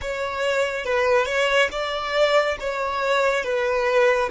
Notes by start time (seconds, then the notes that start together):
0.01 C#5
0.84 B4
1.25 C#5
1.71 D5
2.59 C#5
3.44 B4